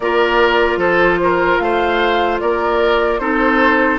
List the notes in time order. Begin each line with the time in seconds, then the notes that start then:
0.00 A#3 F4 A#4 D5
0.76 F3 A4 C5
1.23 A#4
1.58 A3 C5 F5
2.39 A#3 A#4 D5
3.18 C4 D#4 A4 C5